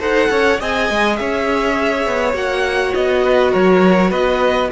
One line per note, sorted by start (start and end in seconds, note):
0.00 0.30 D#4
0.00 0.59 A4
0.00 0.29 C5
0.00 0.61 F#5
0.30 0.60 C#4
0.30 0.61 C#5
0.60 0.90 C4
0.60 2.34 G#4
0.60 1.19 D#5
0.60 1.17 G#5
0.90 1.20 G#3
1.17 2.07 C#4
1.17 3.24 C#5
1.17 2.34 E5
2.07 2.34 B3
2.34 2.93 A#3
2.34 4.69 F#4
2.34 2.94 F#5
2.94 3.54 B3
2.94 3.53 D#5
3.24 3.52 B4
3.52 4.12 F#3
3.52 4.11 A#4
3.52 4.12 C#5
4.11 4.71 B3
4.11 4.69 B4
4.11 4.71 D#5